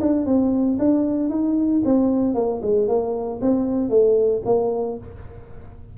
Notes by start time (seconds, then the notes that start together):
0.00 D4
0.26 C4
0.79 D4
1.29 D#4
1.85 C4
2.35 A#3
2.62 G#3
2.88 A#3
3.41 C4
3.90 A3
4.45 A#3